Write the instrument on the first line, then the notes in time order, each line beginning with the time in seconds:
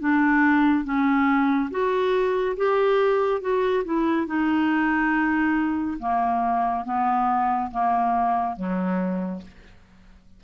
clarinet
0.00 D4
0.85 C#4
1.71 F#4
2.57 G4
3.41 F#4
3.85 E4
4.27 D#4
5.99 A#3
6.85 B3
7.71 A#3
8.56 F#3